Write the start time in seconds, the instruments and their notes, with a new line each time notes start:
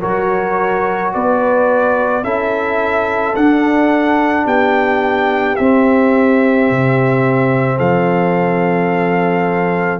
0.00 tuba F#3, trombone F#4, horn A#4, trumpet C#5
1.13 tuba B3, horn B4, trumpet D5
2.23 tuba C#4, trombone E4, horn A4, trumpet E5
3.35 trombone D4, tuba D4, trumpet F#5
4.45 tuba B3, horn G4, trumpet G5
5.56 tuba C4, trombone C4, trumpet E5
6.70 tuba C3
7.77 tuba F3, horn A4, trumpet F5